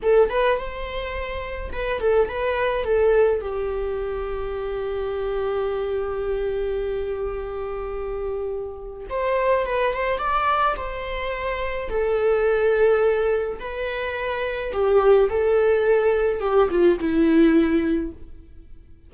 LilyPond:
\new Staff \with { instrumentName = "viola" } { \time 4/4 \tempo 4 = 106 a'8 b'8 c''2 b'8 a'8 | b'4 a'4 g'2~ | g'1~ | g'1 |
c''4 b'8 c''8 d''4 c''4~ | c''4 a'2. | b'2 g'4 a'4~ | a'4 g'8 f'8 e'2 | }